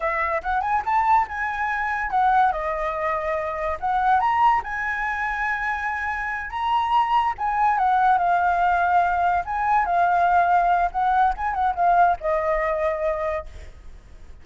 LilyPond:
\new Staff \with { instrumentName = "flute" } { \time 4/4 \tempo 4 = 143 e''4 fis''8 gis''8 a''4 gis''4~ | gis''4 fis''4 dis''2~ | dis''4 fis''4 ais''4 gis''4~ | gis''2.~ gis''8 ais''8~ |
ais''4. gis''4 fis''4 f''8~ | f''2~ f''8 gis''4 f''8~ | f''2 fis''4 gis''8 fis''8 | f''4 dis''2. | }